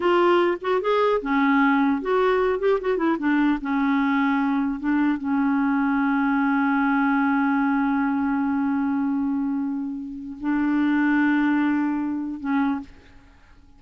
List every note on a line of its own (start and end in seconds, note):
0.00 0.57 F4
0.61 0.81 F#4
0.81 1.21 G#4
1.21 2.01 C#4
2.01 2.59 F#4
2.59 2.79 G4
2.80 2.97 F#4
2.97 3.17 E4
3.19 3.59 D4
3.61 4.79 C#4
4.79 5.18 D4
5.18 10.38 C#4
10.40 12.40 D4
12.40 12.80 C#4